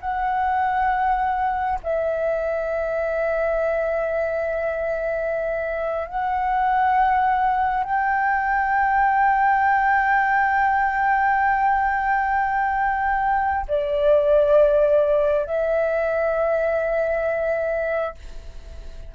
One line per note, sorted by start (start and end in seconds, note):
0.00 1.79 F#5
1.83 6.08 E5
6.08 7.84 F#5
7.84 13.66 G5
13.68 15.46 D5
15.46 18.15 E5